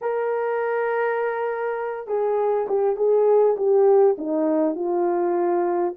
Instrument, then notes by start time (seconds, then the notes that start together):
horn
0.01 A#4
2.07 G#4
2.68 G4
2.96 G#4
3.56 G4
4.17 D#4
4.75 F4